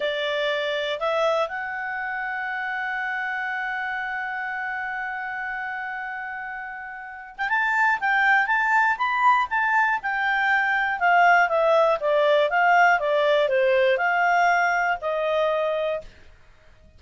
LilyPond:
\new Staff \with { instrumentName = "clarinet" } { \time 4/4 \tempo 4 = 120 d''2 e''4 fis''4~ | fis''1~ | fis''1~ | fis''2~ fis''8. g''16 a''4 |
g''4 a''4 b''4 a''4 | g''2 f''4 e''4 | d''4 f''4 d''4 c''4 | f''2 dis''2 | }